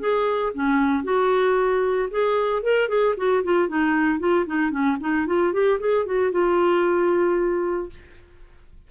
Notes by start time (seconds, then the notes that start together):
0.00 G#4
0.54 C#4
1.04 F#4
2.11 G#4
2.63 A#4
2.89 G#4
3.17 F#4
3.44 F4
3.68 D#4
4.19 F4
4.46 D#4
4.71 C#4
5.00 D#4
5.27 F4
5.53 G4
5.80 G#4
6.06 F#4
6.32 F4